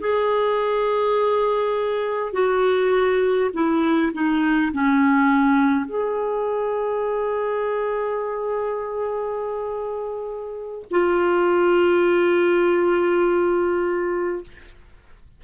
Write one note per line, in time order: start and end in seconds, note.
0.00 2.33 G#4
2.33 3.50 F#4
3.53 4.12 E4
4.13 4.72 D#4
4.73 5.86 C#4
5.86 10.85 G#4
10.91 14.44 F4